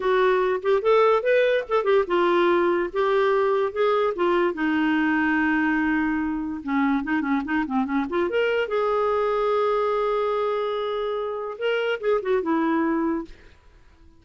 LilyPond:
\new Staff \with { instrumentName = "clarinet" } { \time 4/4 \tempo 4 = 145 fis'4. g'8 a'4 b'4 | a'8 g'8 f'2 g'4~ | g'4 gis'4 f'4 dis'4~ | dis'1 |
cis'4 dis'8 cis'8 dis'8 c'8 cis'8 f'8 | ais'4 gis'2.~ | gis'1 | ais'4 gis'8 fis'8 e'2 | }